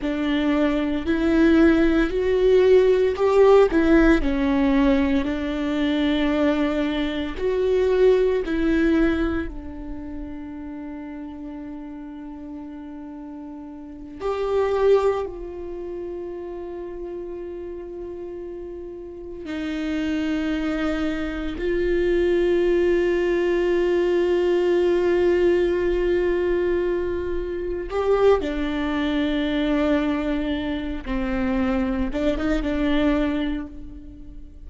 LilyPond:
\new Staff \with { instrumentName = "viola" } { \time 4/4 \tempo 4 = 57 d'4 e'4 fis'4 g'8 e'8 | cis'4 d'2 fis'4 | e'4 d'2.~ | d'4. g'4 f'4.~ |
f'2~ f'8 dis'4.~ | dis'8 f'2.~ f'8~ | f'2~ f'8 g'8 d'4~ | d'4. c'4 d'16 dis'16 d'4 | }